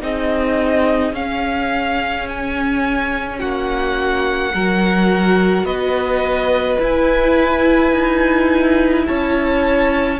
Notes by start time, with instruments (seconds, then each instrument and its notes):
0.00 cello C4, viola D#4, violin G#4 D#5
1.12 cello C#4, viola C#4, violin F5
2.29 violin G#5
3.38 cello A#3, violin F#4 F#5
4.54 cello F#3, viola F#4, violin A#4
5.64 cello B3, violin B4 D#5
6.79 viola E4, cello E4, violin G#5
7.92 cello D#4
9.07 cello C#4, violin C#5 A5